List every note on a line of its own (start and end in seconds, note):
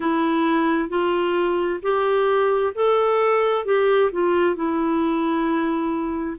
0.00 0.88 E4
0.88 1.79 F4
1.82 2.73 G4
2.74 3.65 A4
3.65 4.10 G4
4.12 4.55 F4
4.55 6.37 E4